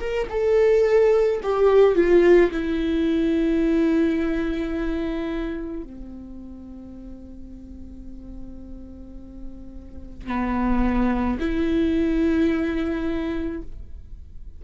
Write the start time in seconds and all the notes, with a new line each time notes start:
0.00 A#4
0.30 A4
1.43 G4
1.95 F4
2.52 E4
5.83 C4
10.27 B3
11.40 E4